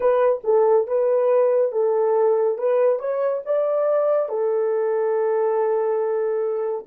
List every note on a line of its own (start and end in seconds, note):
0.00 0.42 B4
0.44 0.86 A4
0.87 1.72 B4
1.72 2.58 A4
2.58 2.99 B4
2.99 3.42 C#5
3.45 4.28 D5
4.28 6.85 A4